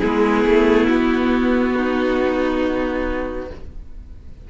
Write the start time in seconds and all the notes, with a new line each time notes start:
0.00 G#3 B3 E4 G#4
0.45 A3
0.88 B3 F#4
1.76 D#4